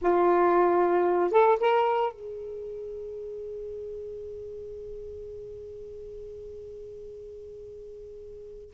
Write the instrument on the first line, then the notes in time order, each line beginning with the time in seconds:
saxophone
0.01 F4
1.31 A4
1.60 A#4
2.12 G#4